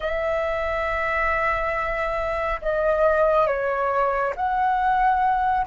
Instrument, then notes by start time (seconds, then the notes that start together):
flute
0.00 E5
2.61 D#5
3.46 C#5
4.36 F#5